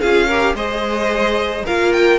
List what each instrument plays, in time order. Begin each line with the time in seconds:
0.00 cello C#4, viola F4, violin G#4 F5
0.27 viola G4, violin A#4
0.55 cello G#3, viola G#4, violin C5 D#5
1.65 cello A#3, viola F4, violin A#4 F5
1.93 violin G5